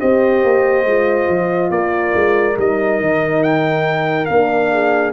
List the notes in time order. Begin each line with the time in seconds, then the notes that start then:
0.00 C4 G4 C5 D#5
0.44 A#3
0.85 G#3 F4
1.29 F3
1.70 A#3 A#4 D5
2.14 G#3
2.56 G3 D#4 D#5
3.00 D#3
3.43 G5
4.26 A#3 D4 F5
4.72 G#4